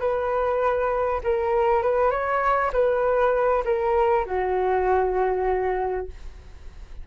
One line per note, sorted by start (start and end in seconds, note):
0.00 1.21 B4
1.24 1.83 A#4
1.83 2.11 B4
2.11 2.72 C#5
2.73 3.64 B4
3.65 4.26 A#4
4.26 6.08 F#4